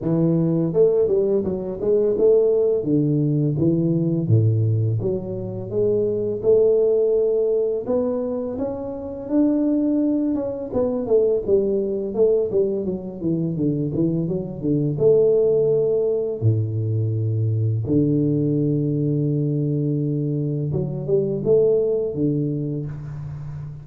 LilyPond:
\new Staff \with { instrumentName = "tuba" } { \time 4/4 \tempo 4 = 84 e4 a8 g8 fis8 gis8 a4 | d4 e4 a,4 fis4 | gis4 a2 b4 | cis'4 d'4. cis'8 b8 a8 |
g4 a8 g8 fis8 e8 d8 e8 | fis8 d8 a2 a,4~ | a,4 d2.~ | d4 fis8 g8 a4 d4 | }